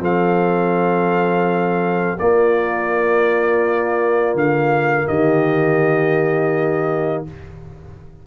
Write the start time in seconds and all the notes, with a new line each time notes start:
0.00 F3 C4 A4 F5
2.19 A#3 F4 D5
4.35 D3 F5
5.08 D#3 G4 D#5